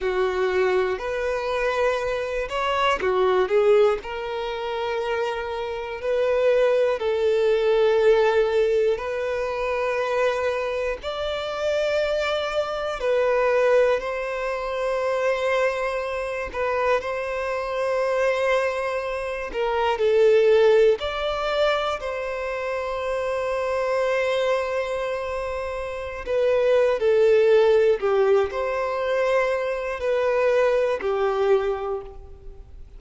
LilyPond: \new Staff \with { instrumentName = "violin" } { \time 4/4 \tempo 4 = 60 fis'4 b'4. cis''8 fis'8 gis'8 | ais'2 b'4 a'4~ | a'4 b'2 d''4~ | d''4 b'4 c''2~ |
c''8 b'8 c''2~ c''8 ais'8 | a'4 d''4 c''2~ | c''2~ c''16 b'8. a'4 | g'8 c''4. b'4 g'4 | }